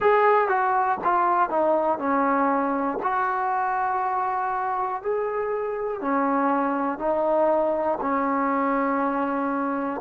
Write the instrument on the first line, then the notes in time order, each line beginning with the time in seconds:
trombone
0.00 G#4
0.48 F#4
1.04 F4
1.50 D#4
1.98 C#4
3.03 F#4
5.02 G#4
6.01 C#4
6.98 D#4
8.00 C#4